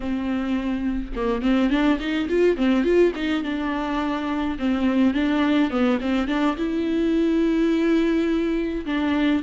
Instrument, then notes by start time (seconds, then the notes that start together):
viola
0.00 C4
1.15 A#3
1.42 C4
1.70 D4
1.99 D#4
2.29 F4
2.56 C4
2.84 F4
3.15 D#4
3.43 D4
4.58 C4
5.14 D4
5.70 B3
6.00 C4
6.27 D4
6.56 E4
8.85 D4